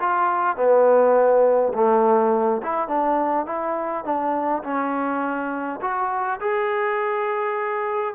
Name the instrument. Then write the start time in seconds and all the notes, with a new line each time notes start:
trombone
0.00 F4
0.56 B3
1.74 A3
2.63 E4
2.88 D4
3.46 E4
4.05 D4
4.64 C#4
5.81 F#4
6.41 G#4